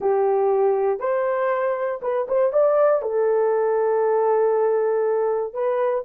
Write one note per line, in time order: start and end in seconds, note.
0.00 0.99 G4
0.99 2.00 C5
2.01 2.27 B4
2.28 2.52 C5
2.52 3.02 D5
3.02 5.53 A4
5.53 6.04 B4